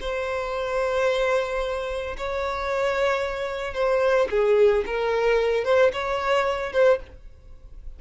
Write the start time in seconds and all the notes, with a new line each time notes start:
0.00 C5
2.17 C#5
3.73 C5
4.30 G#4
4.86 A#4
5.64 C5
5.92 C#5
6.72 C5